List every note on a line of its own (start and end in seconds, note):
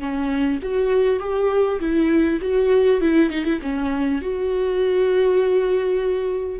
0.00 0.60 C#4
0.63 1.20 F#4
1.20 1.80 G4
1.81 2.41 E4
2.42 3.01 F#4
3.01 3.31 E4
3.31 3.45 D#4
3.45 3.60 E4
3.62 4.22 C#4
4.22 6.60 F#4